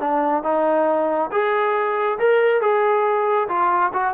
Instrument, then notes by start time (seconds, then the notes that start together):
trombone
0.00 D4
0.44 D#4
1.32 G#4
2.19 A#4
2.61 G#4
3.49 F4
3.93 F#4